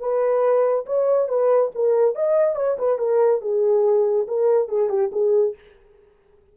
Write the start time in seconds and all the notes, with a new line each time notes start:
0.00 B4
0.86 C#5
1.29 B4
1.75 A#4
2.15 D#5
2.56 C#5
2.78 B4
2.99 A#4
3.41 G#4
4.28 A#4
4.69 G#4
4.89 G4
5.12 G#4